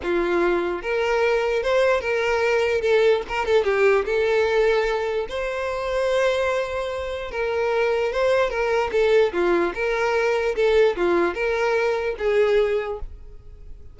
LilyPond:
\new Staff \with { instrumentName = "violin" } { \time 4/4 \tempo 4 = 148 f'2 ais'2 | c''4 ais'2 a'4 | ais'8 a'8 g'4 a'2~ | a'4 c''2.~ |
c''2 ais'2 | c''4 ais'4 a'4 f'4 | ais'2 a'4 f'4 | ais'2 gis'2 | }